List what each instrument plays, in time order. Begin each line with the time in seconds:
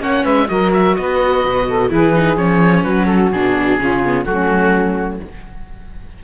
0.00 cello A#3, viola C#4, saxophone C#5, oboe F#5
0.23 cello G#3, saxophone B4, oboe E5
0.48 cello F#3, viola F#4, saxophone A#4, oboe D#5
0.73 oboe E5
0.96 cello B3, saxophone B4, oboe D#5
1.45 cello B2
1.67 saxophone A4
1.89 cello E3, viola E4, saxophone G#4, oboe B4
2.15 viola D#4
2.37 cello F3, viola C#4, oboe C#5
2.84 cello F#3, saxophone F#4, oboe B4
3.06 oboe A4
3.32 cello B2, viola D4, oboe G#4
3.78 cello C#3, viola C#4, saxophone F4
4.05 viola B3
4.25 cello F#3, viola A3, saxophone C#4, oboe F#4